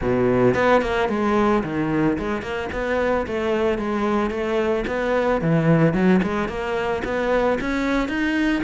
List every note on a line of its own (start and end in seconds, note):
0.01 0.54 B2
0.54 0.81 B3
0.81 1.08 A#3
1.09 1.63 G#3
1.63 2.17 D#3
2.18 2.42 G#3
2.42 2.69 A#3
2.72 3.26 B3
3.26 3.78 A3
3.78 4.30 G#3
4.30 4.84 A3
4.87 5.41 B3
5.41 5.93 E3
5.93 6.20 F#3
6.23 6.48 G#3
6.48 7.02 A#3
7.04 7.58 B3
7.60 8.08 C#4
8.08 8.62 D#4